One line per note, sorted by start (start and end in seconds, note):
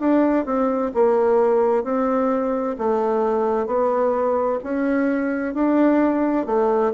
0.00 0.45 D4
0.45 0.91 C4
0.94 1.84 A#3
1.84 2.76 C4
2.78 3.67 A3
3.67 4.59 B3
4.64 5.54 C#4
5.54 6.47 D4
6.47 6.93 A3